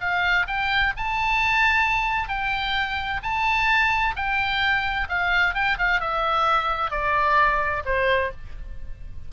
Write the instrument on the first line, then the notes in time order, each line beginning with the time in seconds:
oboe
0.00 F5
0.47 G5
0.97 A5
2.28 G5
3.23 A5
4.16 G5
5.08 F5
5.54 G5
5.78 F5
6.00 E5
6.90 D5
7.85 C5